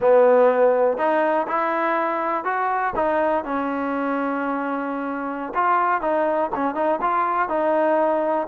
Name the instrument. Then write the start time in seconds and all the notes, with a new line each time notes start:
trombone
0.00 B3
0.97 D#4
1.47 E4
2.44 F#4
2.95 D#4
3.44 C#4
5.54 F4
6.01 D#4
6.55 C#4
6.75 D#4
7.01 F4
7.48 D#4